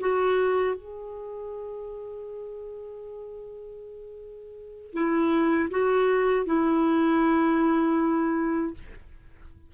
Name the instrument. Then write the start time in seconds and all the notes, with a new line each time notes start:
clarinet
0.00 F#4
0.75 G#4
4.93 E4
5.71 F#4
6.46 E4